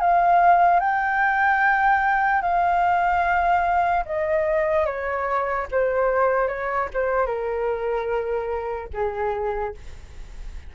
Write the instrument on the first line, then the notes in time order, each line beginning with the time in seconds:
flute
0.00 F5
0.80 G5
2.42 F5
4.05 D#5
4.85 C#5
5.71 C5
6.48 C#5
6.94 C5
7.26 A#4
8.93 G#4